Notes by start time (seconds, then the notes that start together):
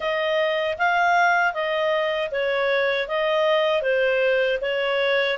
0.00 D#5
0.78 F5
1.53 D#5
2.31 C#5
3.08 D#5
3.81 C5
4.61 C#5